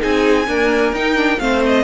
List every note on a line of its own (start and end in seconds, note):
0.00 0.48 C4
0.00 0.45 D#4
0.00 0.47 G#4
0.00 0.94 G#5
0.48 0.94 A#3
0.48 0.93 D4
0.48 1.41 A#4
0.93 1.38 D#4
0.93 1.16 D#4
0.93 1.40 G5
1.16 1.39 D4
1.40 1.84 A3
1.40 1.84 C4
1.40 1.84 C5
1.40 1.62 F5
1.66 1.84 D#5